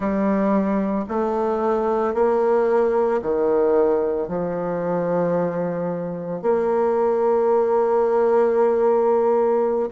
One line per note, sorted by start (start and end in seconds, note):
0.00 1.05 G3
1.08 2.14 A3
2.14 3.21 A#3
3.21 4.28 D#3
4.28 6.41 F3
6.41 9.90 A#3